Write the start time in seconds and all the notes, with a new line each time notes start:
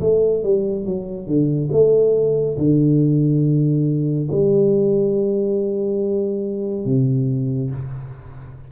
0.00 A3
0.43 G3
0.85 F#3
1.27 D3
1.71 A3
2.57 D3
4.31 G3
6.85 C3